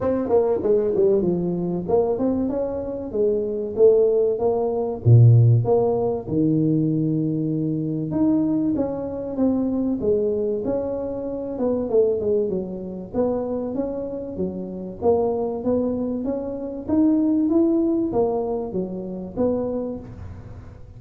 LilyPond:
\new Staff \with { instrumentName = "tuba" } { \time 4/4 \tempo 4 = 96 c'8 ais8 gis8 g8 f4 ais8 c'8 | cis'4 gis4 a4 ais4 | ais,4 ais4 dis2~ | dis4 dis'4 cis'4 c'4 |
gis4 cis'4. b8 a8 gis8 | fis4 b4 cis'4 fis4 | ais4 b4 cis'4 dis'4 | e'4 ais4 fis4 b4 | }